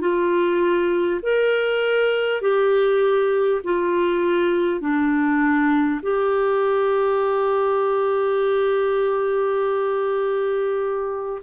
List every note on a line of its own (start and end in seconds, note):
0.00 1.20 F4
1.22 2.41 A#4
2.41 3.61 G4
3.63 4.81 F4
4.81 6.01 D4
6.02 11.42 G4